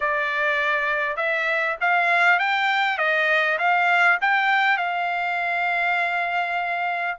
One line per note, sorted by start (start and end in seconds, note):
0.00 1.16 D5
1.16 1.76 E5
1.80 2.39 F5
2.39 2.98 G5
2.98 3.58 D#5
3.58 4.18 F5
4.21 4.77 G5
4.77 7.17 F5